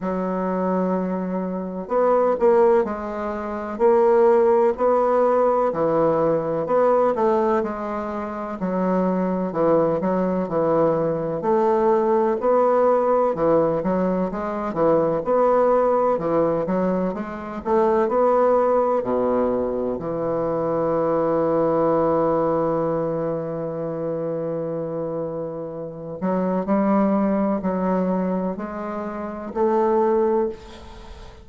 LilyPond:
\new Staff \with { instrumentName = "bassoon" } { \time 4/4 \tempo 4 = 63 fis2 b8 ais8 gis4 | ais4 b4 e4 b8 a8 | gis4 fis4 e8 fis8 e4 | a4 b4 e8 fis8 gis8 e8 |
b4 e8 fis8 gis8 a8 b4 | b,4 e2.~ | e2.~ e8 fis8 | g4 fis4 gis4 a4 | }